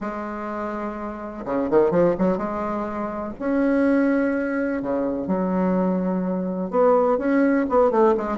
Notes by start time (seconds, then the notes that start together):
0.00 G#3
1.45 C#3
1.70 D#3
1.90 F3
2.18 F#3
2.37 G#3
3.39 C#4
4.82 C#3
5.27 F#3
6.70 B3
7.18 C#4
7.69 B3
7.90 A3
8.17 G#3